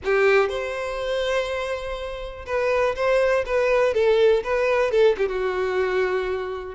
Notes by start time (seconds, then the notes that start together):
0.04 G4
0.49 C5
2.46 B4
2.95 C5
3.46 B4
3.93 A4
4.43 B4
4.91 A4
5.17 G4
5.28 F#4